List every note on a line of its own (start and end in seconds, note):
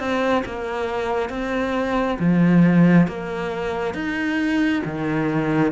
0.00 0.44 C4
0.46 1.30 A#3
1.30 2.18 C4
2.20 3.08 F3
3.08 3.95 A#3
3.95 4.83 D#4
4.86 5.73 D#3